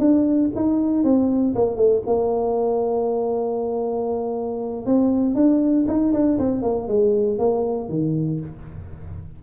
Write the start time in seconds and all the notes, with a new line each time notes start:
0.00 D4
0.56 D#4
1.04 C4
1.55 A#3
1.77 A3
2.07 A#3
4.86 C4
5.36 D4
5.88 D#4
6.13 D4
6.39 C4
6.63 A#3
6.88 G#3
7.39 A#3
7.89 D#3